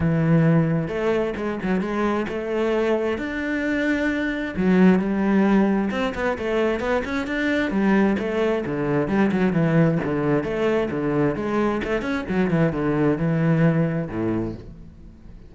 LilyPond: \new Staff \with { instrumentName = "cello" } { \time 4/4 \tempo 4 = 132 e2 a4 gis8 fis8 | gis4 a2 d'4~ | d'2 fis4 g4~ | g4 c'8 b8 a4 b8 cis'8 |
d'4 g4 a4 d4 | g8 fis8 e4 d4 a4 | d4 gis4 a8 cis'8 fis8 e8 | d4 e2 a,4 | }